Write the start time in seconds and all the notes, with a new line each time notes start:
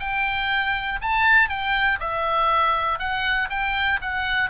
0.00 G5
1.02 A5
1.49 G5
2.00 E5
2.99 F#5
3.50 G5
4.01 F#5